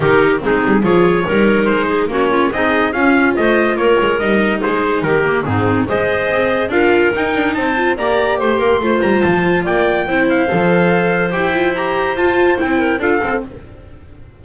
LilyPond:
<<
  \new Staff \with { instrumentName = "trumpet" } { \time 4/4 \tempo 4 = 143 ais'4 gis'4 cis''2 | c''4 cis''4 dis''4 f''4 | dis''4 cis''4 dis''4 c''4 | ais'4 gis'4 dis''2 |
f''4 g''4 a''4 ais''4 | c'''4. ais''8 a''4 g''4~ | g''8 f''2~ f''8 g''4 | ais''4 a''4 g''4 f''4 | }
  \new Staff \with { instrumentName = "clarinet" } { \time 4/4 g'4 dis'4 gis'4 ais'4~ | ais'8 gis'8 fis'8 f'8 dis'4 cis'4 | c''4 ais'2 gis'4 | g'4 dis'4 c''2 |
ais'2 c''4 d''4 | c''8 ais'8 c''2 d''4 | c''1~ | c''2~ c''8 ais'8 a'4 | }
  \new Staff \with { instrumentName = "viola" } { \time 4/4 dis'4 c'4 f'4 dis'4~ | dis'4 cis'4 gis'4 f'4~ | f'2 dis'2~ | dis'8 ais8 c'4 gis'2 |
f'4 dis'4. f'8 g'4~ | g'4 f'2. | e'4 a'2 g'8 f'8 | g'4 f'4 e'4 f'8 a'8 | }
  \new Staff \with { instrumentName = "double bass" } { \time 4/4 dis4 gis8 g8 f4 g4 | gis4 ais4 c'4 cis'4 | a4 ais8 gis8 g4 gis4 | dis4 gis,4 gis4 c'4 |
d'4 dis'8 d'8 c'4 ais4 | a8 ais8 a8 g8 f4 ais4 | c'4 f2 e'4~ | e'4 f'4 c'4 d'8 c'8 | }
>>